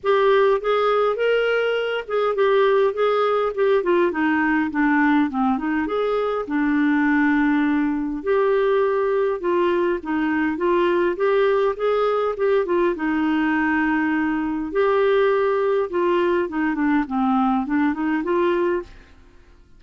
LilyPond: \new Staff \with { instrumentName = "clarinet" } { \time 4/4 \tempo 4 = 102 g'4 gis'4 ais'4. gis'8 | g'4 gis'4 g'8 f'8 dis'4 | d'4 c'8 dis'8 gis'4 d'4~ | d'2 g'2 |
f'4 dis'4 f'4 g'4 | gis'4 g'8 f'8 dis'2~ | dis'4 g'2 f'4 | dis'8 d'8 c'4 d'8 dis'8 f'4 | }